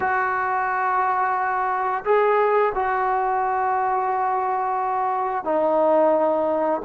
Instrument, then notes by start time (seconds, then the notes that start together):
trombone
0.00 F#4
2.05 G#4
2.75 F#4
5.44 D#4